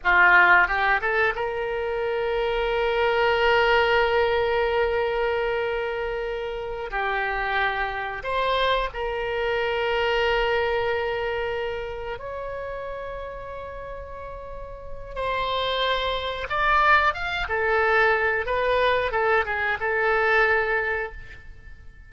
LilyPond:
\new Staff \with { instrumentName = "oboe" } { \time 4/4 \tempo 4 = 91 f'4 g'8 a'8 ais'2~ | ais'1~ | ais'2~ ais'8 g'4.~ | g'8 c''4 ais'2~ ais'8~ |
ais'2~ ais'8 cis''4.~ | cis''2. c''4~ | c''4 d''4 f''8 a'4. | b'4 a'8 gis'8 a'2 | }